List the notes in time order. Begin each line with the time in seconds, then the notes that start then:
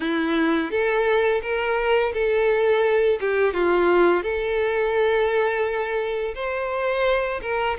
0.00 E4
0.70 A4
1.42 A#4
2.13 A4
3.20 G4
3.53 F4
4.22 A4
6.35 C5
7.41 A#4